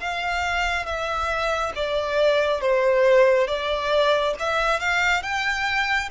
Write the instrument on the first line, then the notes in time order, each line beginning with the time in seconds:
violin
0.00 F5
0.86 E5
1.75 D5
2.61 C5
3.47 D5
4.40 E5
4.80 F5
5.23 G5